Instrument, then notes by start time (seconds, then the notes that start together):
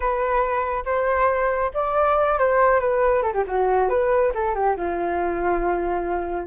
flute
0.00 B4
0.85 C5
1.74 D5
2.39 C5
2.80 B4
3.22 A4
3.33 G4
3.47 F#4
3.89 B4
4.34 A4
4.54 G4
4.76 F4